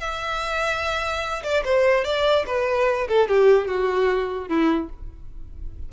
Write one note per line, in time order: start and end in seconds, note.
0.00 1.43 E5
1.43 1.63 D5
1.64 2.04 C5
2.04 2.45 D5
2.46 3.08 B4
3.08 3.28 A4
3.28 3.67 G4
3.67 4.48 F#4
4.48 4.89 E4